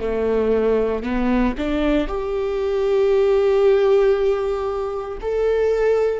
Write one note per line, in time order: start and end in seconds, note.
0.00 1.03 A3
1.03 1.55 B3
1.58 2.07 D4
2.07 5.18 G4
5.21 6.20 A4